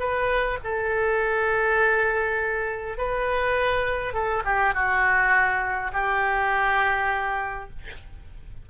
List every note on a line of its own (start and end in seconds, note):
0.00 0.59 B4
0.64 2.98 A4
2.98 4.14 B4
4.14 4.43 A4
4.45 4.74 G4
4.74 5.92 F#4
5.93 7.70 G4